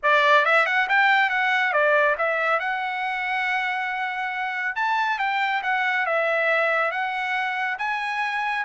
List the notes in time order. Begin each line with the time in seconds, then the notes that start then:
0.02 D5
0.45 E5
0.66 F#5
0.88 G5
1.29 F#5
1.72 D5
2.18 E5
2.59 F#5
4.75 A5
5.18 G5
5.62 F#5
6.06 E5
6.91 F#5
7.78 G#5